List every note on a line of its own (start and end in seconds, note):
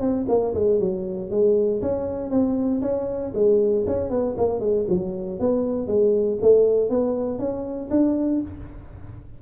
0.00 0.25 C4
0.28 0.54 A#3
0.54 0.80 G#3
0.80 1.30 F#3
1.30 1.81 G#3
1.81 2.30 C#4
2.30 2.81 C4
2.82 3.32 C#4
3.34 3.85 G#3
3.87 4.10 C#4
4.10 4.35 B3
4.37 4.60 A#3
4.60 4.85 G#3
4.89 5.39 F#3
5.39 5.87 B3
5.87 6.38 G#3
6.42 6.89 A3
6.89 7.38 B3
7.38 7.89 C#4
7.90 8.41 D4